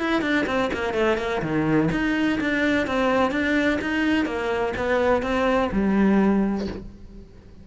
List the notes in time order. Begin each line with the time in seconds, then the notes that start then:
0.00 E4
0.22 D4
0.46 C4
0.73 A#3
0.94 A3
1.18 A#3
1.42 D#3
1.91 D#4
2.40 D4
2.87 C4
3.31 D4
3.81 D#4
4.26 A#3
4.76 B3
5.22 C4
5.72 G3